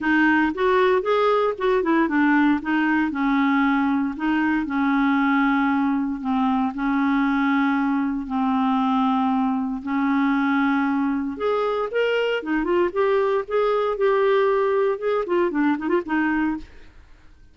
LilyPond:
\new Staff \with { instrumentName = "clarinet" } { \time 4/4 \tempo 4 = 116 dis'4 fis'4 gis'4 fis'8 e'8 | d'4 dis'4 cis'2 | dis'4 cis'2. | c'4 cis'2. |
c'2. cis'4~ | cis'2 gis'4 ais'4 | dis'8 f'8 g'4 gis'4 g'4~ | g'4 gis'8 f'8 d'8 dis'16 f'16 dis'4 | }